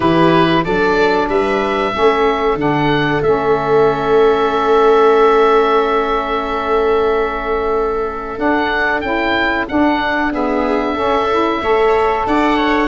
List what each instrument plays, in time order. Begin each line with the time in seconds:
0.00 tuba E3, saxophone E4, viola G4, oboe B4
0.63 tuba F#3, saxophone D4, viola A4, oboe D5
1.28 tuba G3, viola B4, oboe E5
1.93 tuba A3, saxophone C#4, viola A4
2.55 tuba D3, saxophone D4, oboe F#5
3.22 tuba A3, saxophone C#4, oboe E5
8.37 saxophone D4, tuba D4, oboe F#5
9.00 tuba C#4, saxophone E4, oboe G5
9.68 saxophone D4, tuba D4, oboe F#5
10.31 saxophone B3, viola G#4, oboe E5
10.94 saxophone C#4, tuba C#4, viola A4
11.30 saxophone E4
11.61 tuba A3, saxophone A4, viola C#5
12.26 tuba D4, viola D5, oboe F#5
12.56 viola C#5